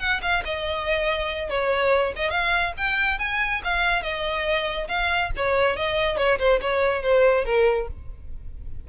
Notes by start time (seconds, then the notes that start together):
0.00 F#5
0.22 F5
0.45 D#5
1.50 C#5
2.16 D#5
2.31 F5
2.78 G5
3.20 G#5
3.65 F5
4.03 D#5
4.89 F5
5.37 C#5
5.77 D#5
6.18 C#5
6.39 C5
6.62 C#5
7.03 C5
7.46 A#4